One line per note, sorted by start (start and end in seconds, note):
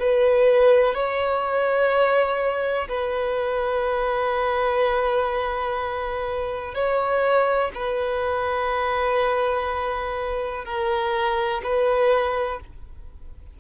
0.00 0.95 B4
0.95 2.89 C#5
2.89 6.75 B4
6.75 7.72 C#5
7.75 10.65 B4
10.65 11.62 A#4
11.64 12.61 B4